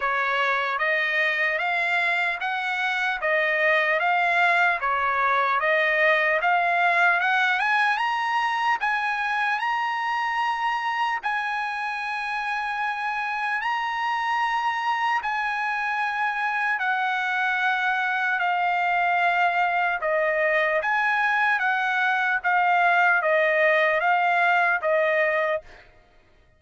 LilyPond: \new Staff \with { instrumentName = "trumpet" } { \time 4/4 \tempo 4 = 75 cis''4 dis''4 f''4 fis''4 | dis''4 f''4 cis''4 dis''4 | f''4 fis''8 gis''8 ais''4 gis''4 | ais''2 gis''2~ |
gis''4 ais''2 gis''4~ | gis''4 fis''2 f''4~ | f''4 dis''4 gis''4 fis''4 | f''4 dis''4 f''4 dis''4 | }